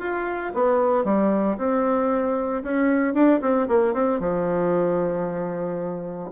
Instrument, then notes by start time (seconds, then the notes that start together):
bassoon
0.00 F4
0.54 B3
1.05 G3
1.58 C4
2.63 C#4
3.15 D4
3.42 C4
3.69 A#3
3.94 C4
4.20 F3